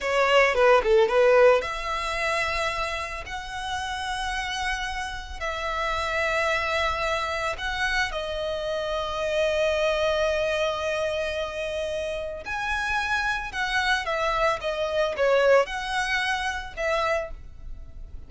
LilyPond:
\new Staff \with { instrumentName = "violin" } { \time 4/4 \tempo 4 = 111 cis''4 b'8 a'8 b'4 e''4~ | e''2 fis''2~ | fis''2 e''2~ | e''2 fis''4 dis''4~ |
dis''1~ | dis''2. gis''4~ | gis''4 fis''4 e''4 dis''4 | cis''4 fis''2 e''4 | }